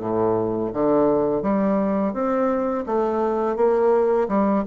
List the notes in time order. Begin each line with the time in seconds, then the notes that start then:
0.00 A2
0.73 D3
1.42 G3
2.13 C4
2.86 A3
3.56 A#3
4.28 G3